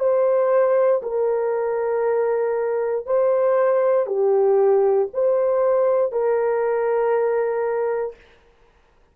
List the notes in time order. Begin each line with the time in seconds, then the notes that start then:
0.00 C5
1.03 A#4
3.06 C5
4.07 G4
5.14 C5
6.12 A#4